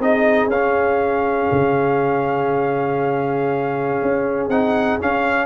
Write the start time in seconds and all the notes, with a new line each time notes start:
0.00 C4 D#4 G#4 D#5
0.47 C#4 F5
1.52 C#3
4.03 C#4
4.49 C4 D#4 F#5
5.00 C#4 F5